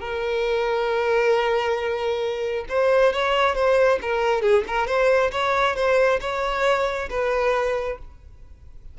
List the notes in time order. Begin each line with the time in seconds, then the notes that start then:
0.00 A#4
2.69 C5
3.13 C#5
3.55 C5
4.01 A#4
4.42 G#4
4.67 A#4
4.87 C5
5.31 C#5
5.76 C5
6.20 C#5
7.10 B4